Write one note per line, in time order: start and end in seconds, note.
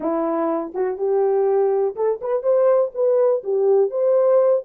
0.00 0.73 E4
0.74 0.97 F#4
0.97 1.95 G4
1.95 2.20 A4
2.21 2.42 B4
2.42 2.91 C5
2.94 3.43 B4
3.43 3.90 G4
3.90 4.63 C5